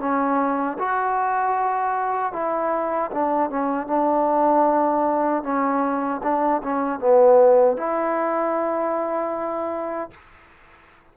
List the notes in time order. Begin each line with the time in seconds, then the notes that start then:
0.00 C#4
0.79 F#4
2.33 E4
3.12 D4
3.50 C#4
3.87 D4
5.43 C#4
6.23 D4
6.63 C#4
7.00 B3
7.77 E4